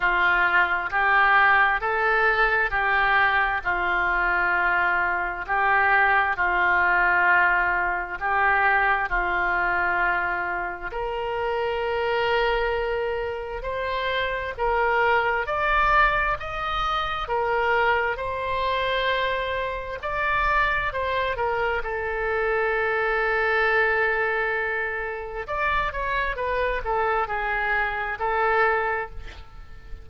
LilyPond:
\new Staff \with { instrumentName = "oboe" } { \time 4/4 \tempo 4 = 66 f'4 g'4 a'4 g'4 | f'2 g'4 f'4~ | f'4 g'4 f'2 | ais'2. c''4 |
ais'4 d''4 dis''4 ais'4 | c''2 d''4 c''8 ais'8 | a'1 | d''8 cis''8 b'8 a'8 gis'4 a'4 | }